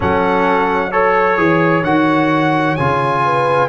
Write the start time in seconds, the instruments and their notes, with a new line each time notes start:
0.00 tuba F#3, trombone C#4, horn A4, trumpet F#5
0.91 trombone A4, trumpet C#5, horn C#5
1.37 tuba E3, trombone G#4
1.83 tuba D#3, trombone F#4, trumpet F#5
2.76 tuba C#3, trombone F4, trumpet G#5
3.24 horn B4